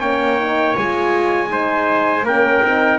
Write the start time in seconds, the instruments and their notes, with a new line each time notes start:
0.00 double bass A#3, horn C#4, trumpet C#5 G5
0.38 horn D#4
0.75 double bass G#3, horn F4, trumpet G#5
1.46 horn D#4, trumpet C5
2.23 double bass A#3, horn C#4, trumpet A#4 G5
2.62 double bass C4, horn D#4